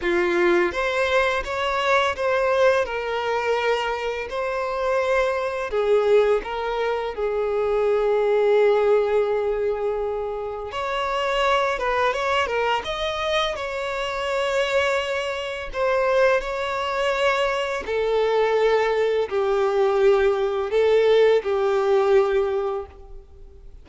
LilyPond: \new Staff \with { instrumentName = "violin" } { \time 4/4 \tempo 4 = 84 f'4 c''4 cis''4 c''4 | ais'2 c''2 | gis'4 ais'4 gis'2~ | gis'2. cis''4~ |
cis''8 b'8 cis''8 ais'8 dis''4 cis''4~ | cis''2 c''4 cis''4~ | cis''4 a'2 g'4~ | g'4 a'4 g'2 | }